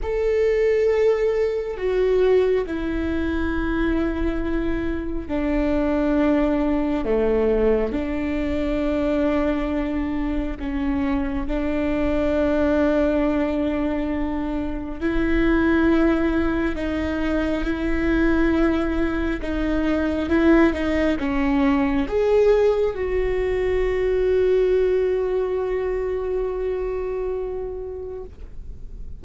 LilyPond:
\new Staff \with { instrumentName = "viola" } { \time 4/4 \tempo 4 = 68 a'2 fis'4 e'4~ | e'2 d'2 | a4 d'2. | cis'4 d'2.~ |
d'4 e'2 dis'4 | e'2 dis'4 e'8 dis'8 | cis'4 gis'4 fis'2~ | fis'1 | }